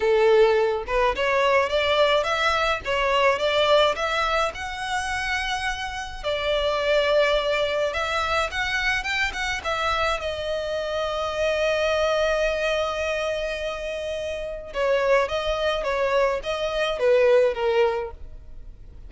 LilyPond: \new Staff \with { instrumentName = "violin" } { \time 4/4 \tempo 4 = 106 a'4. b'8 cis''4 d''4 | e''4 cis''4 d''4 e''4 | fis''2. d''4~ | d''2 e''4 fis''4 |
g''8 fis''8 e''4 dis''2~ | dis''1~ | dis''2 cis''4 dis''4 | cis''4 dis''4 b'4 ais'4 | }